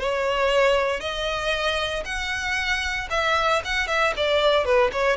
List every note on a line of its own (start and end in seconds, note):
0.00 1.00 C#5
1.00 2.04 D#5
2.05 3.08 F#5
3.10 3.62 E5
3.65 3.87 F#5
3.87 4.13 E5
4.17 4.65 D5
4.65 4.91 B4
4.92 5.17 C#5